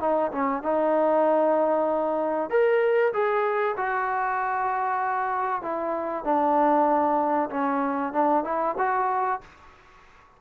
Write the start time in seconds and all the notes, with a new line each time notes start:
0.00 D#4
0.32 C#4
0.63 D#4
2.50 A#4
3.13 G#4
3.77 F#4
5.62 E4
6.24 D4
7.50 C#4
8.13 D4
8.44 E4
8.78 F#4